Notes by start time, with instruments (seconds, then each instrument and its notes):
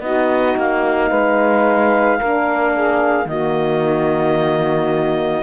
0.00 cello B3, horn D#4, saxophone F#4, clarinet D#5
0.57 cello A#3, clarinet F5
1.09 cello G#3, saxophone B4
2.17 cello A#3, horn D4, saxophone A#4
2.72 saxophone G#4
3.25 cello D#3, horn A#3, saxophone F#4, clarinet D#5